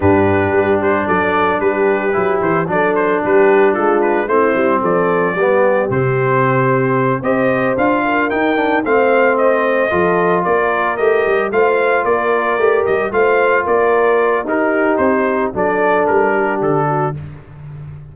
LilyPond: <<
  \new Staff \with { instrumentName = "trumpet" } { \time 4/4 \tempo 4 = 112 b'4. c''8 d''4 b'4~ | b'8 c''8 d''8 c''8 b'4 a'8 b'8 | c''4 d''2 c''4~ | c''4. dis''4 f''4 g''8~ |
g''8 f''4 dis''2 d''8~ | d''8 dis''4 f''4 d''4. | dis''8 f''4 d''4. ais'4 | c''4 d''4 ais'4 a'4 | }
  \new Staff \with { instrumentName = "horn" } { \time 4/4 g'2 a'4 g'4~ | g'4 a'4 g'4 f'4 | e'4 a'4 g'2~ | g'4. c''4. ais'4~ |
ais'8 c''2 a'4 ais'8~ | ais'4. c''4 ais'4.~ | ais'8 c''4 ais'4. g'4~ | g'4 a'4. g'4 fis'8 | }
  \new Staff \with { instrumentName = "trombone" } { \time 4/4 d'1 | e'4 d'2. | c'2 b4 c'4~ | c'4. g'4 f'4 dis'8 |
d'8 c'2 f'4.~ | f'8 g'4 f'2 g'8~ | g'8 f'2~ f'8 dis'4~ | dis'4 d'2. | }
  \new Staff \with { instrumentName = "tuba" } { \time 4/4 g,4 g4 fis4 g4 | fis8 e8 fis4 g4 gis4 | a8 g8 f4 g4 c4~ | c4. c'4 d'4 dis'8~ |
dis'8 a2 f4 ais8~ | ais8 a8 g8 a4 ais4 a8 | g8 a4 ais4. dis'4 | c'4 fis4 g4 d4 | }
>>